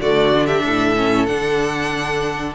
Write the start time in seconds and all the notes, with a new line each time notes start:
0.00 D3 A3 F#4 D5
0.34 D4
0.46 G4 E5
0.65 A2 A4
0.96 C#4
1.26 D3 D4 F#5